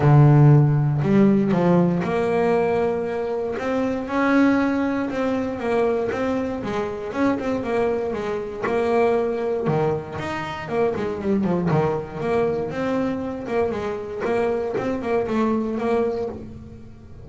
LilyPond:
\new Staff \with { instrumentName = "double bass" } { \time 4/4 \tempo 4 = 118 d2 g4 f4 | ais2. c'4 | cis'2 c'4 ais4 | c'4 gis4 cis'8 c'8 ais4 |
gis4 ais2 dis4 | dis'4 ais8 gis8 g8 f8 dis4 | ais4 c'4. ais8 gis4 | ais4 c'8 ais8 a4 ais4 | }